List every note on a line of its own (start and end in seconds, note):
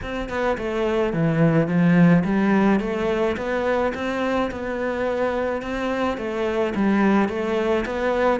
0.02 0.29 C4
0.29 0.57 B3
0.57 1.13 A3
1.13 1.67 E3
1.67 2.23 F3
2.24 2.80 G3
2.80 3.36 A3
3.36 3.92 B3
3.94 4.50 C4
4.51 5.62 B3
5.62 6.17 C4
6.17 6.73 A3
6.75 7.28 G3
7.28 7.85 A3
7.85 8.40 B3